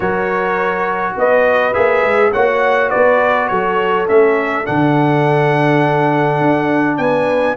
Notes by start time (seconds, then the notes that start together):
0.00 F#3 F#4 A#4 C#5
1.16 B3 B4 D#5
1.73 A#3 G#4 E5
2.03 G#3
2.31 A#3 F#4 C#5 F#5
2.89 B3 B4 D5
3.48 F#3 A4 C#5
4.07 A3 C#4 E5
4.65 D3 D4 F#5
6.41 D4
6.97 B3 B4 G#5